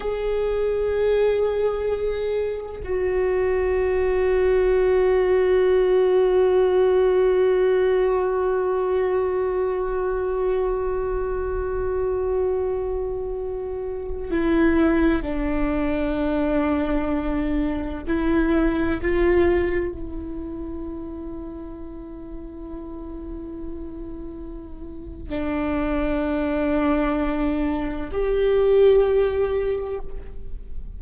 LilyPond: \new Staff \with { instrumentName = "viola" } { \time 4/4 \tempo 4 = 64 gis'2. fis'4~ | fis'1~ | fis'1~ | fis'2.~ fis'16 e'8.~ |
e'16 d'2. e'8.~ | e'16 f'4 e'2~ e'8.~ | e'2. d'4~ | d'2 g'2 | }